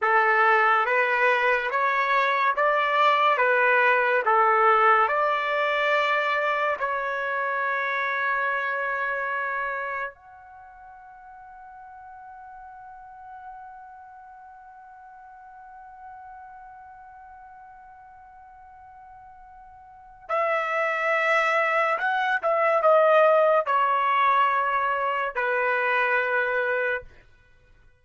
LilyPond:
\new Staff \with { instrumentName = "trumpet" } { \time 4/4 \tempo 4 = 71 a'4 b'4 cis''4 d''4 | b'4 a'4 d''2 | cis''1 | fis''1~ |
fis''1~ | fis''1 | e''2 fis''8 e''8 dis''4 | cis''2 b'2 | }